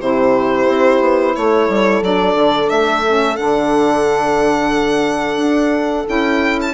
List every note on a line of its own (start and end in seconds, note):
0.00 0.68 C3
0.00 2.02 E4
0.00 1.36 G4
0.00 1.35 C5
0.68 1.01 C4
1.01 1.34 B3
1.36 1.69 A3
1.36 6.74 A4
1.36 2.03 C#5
1.69 2.02 G3
2.02 2.35 F#3
2.02 3.04 D4
2.02 2.70 D5
2.35 2.69 D3
2.70 3.38 A3
2.70 3.36 E5
3.07 3.37 C#4
3.36 5.37 D3
3.36 6.06 D4
3.36 6.06 F#5
5.37 6.04 D4
6.06 6.74 C#4
6.06 6.73 E4
6.06 6.60 G5
6.62 6.74 A5